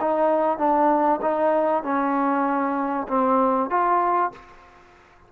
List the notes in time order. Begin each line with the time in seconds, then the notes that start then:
0.00 D#4
0.58 D4
1.21 D#4
1.83 C#4
3.08 C4
3.70 F4